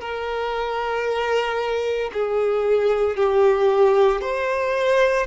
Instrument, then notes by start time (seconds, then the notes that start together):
violin
0.00 A#4
2.13 G#4
3.16 G4
4.21 C5